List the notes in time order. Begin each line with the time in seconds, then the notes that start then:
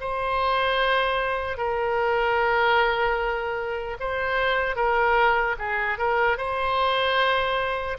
0.00 C5
1.57 A#4
4.00 C5
4.76 A#4
5.59 G#4
5.98 A#4
6.37 C5